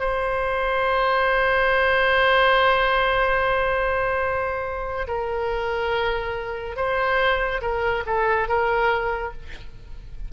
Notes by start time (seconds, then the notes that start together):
0.00 C5
5.08 A#4
6.76 C5
7.62 A#4
8.06 A4
8.49 A#4